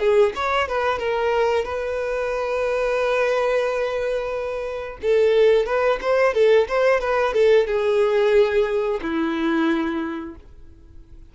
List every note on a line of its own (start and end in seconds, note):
0.00 0.33 G#4
0.36 0.68 C#5
0.68 0.99 B4
0.99 1.65 A#4
1.65 4.99 B4
5.02 5.66 A4
5.66 6.00 B4
6.02 6.35 C5
6.35 6.68 A4
6.69 7.01 C5
7.01 7.34 B4
7.34 7.67 A4
7.67 9.01 G#4
9.03 10.36 E4